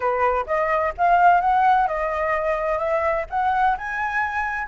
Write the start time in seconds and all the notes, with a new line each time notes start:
0.00 B4
0.46 D#5
0.97 F5
1.40 F#5
1.87 D#5
2.78 E5
3.30 F#5
3.77 G#5